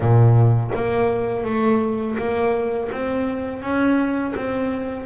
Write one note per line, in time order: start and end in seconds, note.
0.00 0.71 A#2
0.74 1.44 A#3
1.44 2.17 A3
2.18 2.90 A#3
2.91 3.61 C4
3.61 4.34 C#4
4.35 5.06 C4